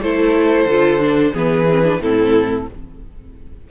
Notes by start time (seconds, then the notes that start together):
0.00 A3 E4 A4 C5
0.66 D3 F4
1.00 D4
1.32 E3 B3 G#4 B4
1.70 C4
1.84 D4
1.98 A2 C4 E4 A4